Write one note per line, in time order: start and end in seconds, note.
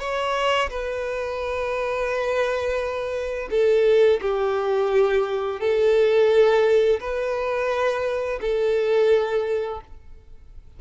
0.00 0.70 C#5
0.70 3.49 B4
3.51 4.21 A4
4.22 5.60 G4
5.60 7.00 A4
7.01 8.40 B4
8.42 9.81 A4